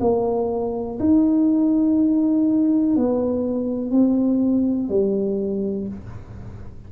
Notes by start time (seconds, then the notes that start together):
0.00 A#3
0.99 D#4
2.96 B3
3.91 C4
4.89 G3